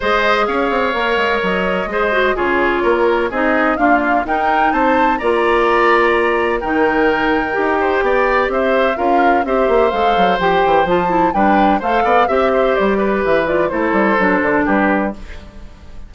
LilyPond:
<<
  \new Staff \with { instrumentName = "flute" } { \time 4/4 \tempo 4 = 127 dis''4 f''2 dis''4~ | dis''4 cis''2 dis''4 | f''4 g''4 a''4 ais''4~ | ais''2 g''2~ |
g''2 e''4 f''4 | e''4 f''4 g''4 a''4 | g''4 f''4 e''4 d''4 | e''8 d''8 c''2 b'4 | }
  \new Staff \with { instrumentName = "oboe" } { \time 4/4 c''4 cis''2. | c''4 gis'4 ais'4 gis'4 | f'4 ais'4 c''4 d''4~ | d''2 ais'2~ |
ais'8 c''8 d''4 c''4 ais'4 | c''1 | b'4 c''8 d''8 e''8 c''4 b'8~ | b'4 a'2 g'4 | }
  \new Staff \with { instrumentName = "clarinet" } { \time 4/4 gis'2 ais'2 | gis'8 fis'8 f'2 dis'4 | ais4 dis'2 f'4~ | f'2 dis'2 |
g'2. f'4 | g'4 a'4 g'4 f'8 e'8 | d'4 a'4 g'2~ | g'8 f'8 e'4 d'2 | }
  \new Staff \with { instrumentName = "bassoon" } { \time 4/4 gis4 cis'8 c'8 ais8 gis8 fis4 | gis4 cis4 ais4 c'4 | d'4 dis'4 c'4 ais4~ | ais2 dis2 |
dis'4 b4 c'4 cis'4 | c'8 ais8 gis8 fis8 f8 e8 f4 | g4 a8 b8 c'4 g4 | e4 a8 g8 fis8 d8 g4 | }
>>